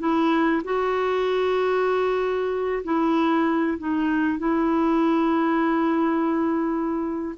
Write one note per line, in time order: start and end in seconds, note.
0.00 0.62 E4
0.65 2.84 F#4
2.84 3.78 E4
3.79 4.39 D#4
4.39 7.36 E4